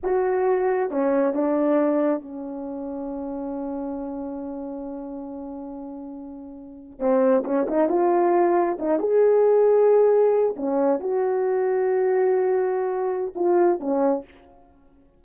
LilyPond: \new Staff \with { instrumentName = "horn" } { \time 4/4 \tempo 4 = 135 fis'2 cis'4 d'4~ | d'4 cis'2.~ | cis'1~ | cis'2.~ cis'8. c'16~ |
c'8. cis'8 dis'8 f'2 dis'16~ | dis'16 gis'2.~ gis'8 cis'16~ | cis'8. fis'2.~ fis'16~ | fis'2 f'4 cis'4 | }